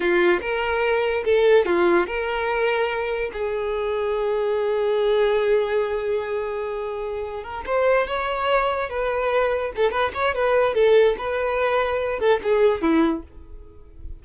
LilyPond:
\new Staff \with { instrumentName = "violin" } { \time 4/4 \tempo 4 = 145 f'4 ais'2 a'4 | f'4 ais'2. | gis'1~ | gis'1~ |
gis'2 ais'8 c''4 cis''8~ | cis''4. b'2 a'8 | b'8 cis''8 b'4 a'4 b'4~ | b'4. a'8 gis'4 e'4 | }